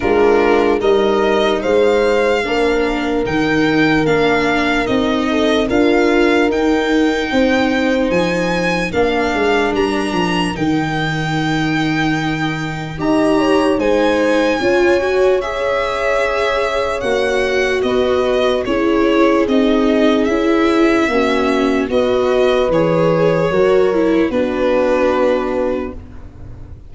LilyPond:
<<
  \new Staff \with { instrumentName = "violin" } { \time 4/4 \tempo 4 = 74 ais'4 dis''4 f''2 | g''4 f''4 dis''4 f''4 | g''2 gis''4 f''4 | ais''4 g''2. |
ais''4 gis''2 e''4~ | e''4 fis''4 dis''4 cis''4 | dis''4 e''2 dis''4 | cis''2 b'2 | }
  \new Staff \with { instrumentName = "horn" } { \time 4/4 f'4 ais'4 c''4 ais'4~ | ais'2~ ais'8 a'8 ais'4~ | ais'4 c''2 ais'4~ | ais'1 |
dis''8 cis''8 c''4 cis''2~ | cis''2 b'4 gis'4~ | gis'2 fis'4 b'4~ | b'4 ais'4 fis'2 | }
  \new Staff \with { instrumentName = "viola" } { \time 4/4 d'4 dis'2 d'4 | dis'4 d'4 dis'4 f'4 | dis'2. d'4~ | d'4 dis'2. |
g'4 dis'4 f'8 fis'8 gis'4~ | gis'4 fis'2 e'4 | dis'4 e'4 cis'4 fis'4 | gis'4 fis'8 e'8 d'2 | }
  \new Staff \with { instrumentName = "tuba" } { \time 4/4 gis4 g4 gis4 ais4 | dis4 ais4 c'4 d'4 | dis'4 c'4 f4 ais8 gis8 | g8 f8 dis2. |
dis'4 gis4 cis'2~ | cis'4 ais4 b4 cis'4 | c'4 cis'4 ais4 b4 | e4 fis4 b2 | }
>>